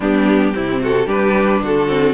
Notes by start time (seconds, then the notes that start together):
0.00 G3 B3 D4 G4
0.53 C3 C4 E4
0.81 F#4 A4
1.06 G3 D4 G4 B4
1.61 D3 F#4 A4
1.88 C4